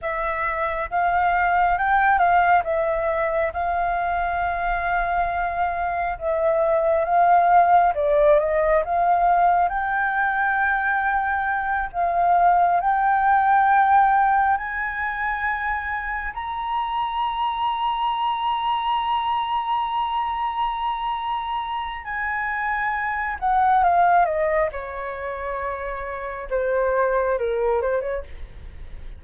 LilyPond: \new Staff \with { instrumentName = "flute" } { \time 4/4 \tempo 4 = 68 e''4 f''4 g''8 f''8 e''4 | f''2. e''4 | f''4 d''8 dis''8 f''4 g''4~ | g''4. f''4 g''4.~ |
g''8 gis''2 ais''4.~ | ais''1~ | ais''4 gis''4. fis''8 f''8 dis''8 | cis''2 c''4 ais'8 c''16 cis''16 | }